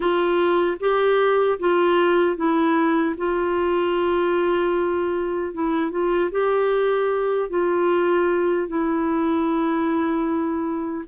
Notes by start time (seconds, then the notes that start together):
0.00 F4
0.79 G4
1.59 F4
2.36 E4
3.17 F4
5.53 E4
5.90 F4
6.31 G4
7.49 F4
8.67 E4